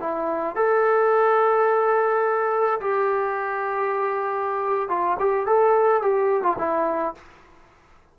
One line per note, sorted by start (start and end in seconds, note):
0.00 0.56 E4
0.56 2.80 A4
2.80 4.89 G4
4.89 5.17 F4
5.19 5.46 G4
5.46 6.02 A4
6.02 6.43 G4
6.43 6.57 F4
6.58 7.14 E4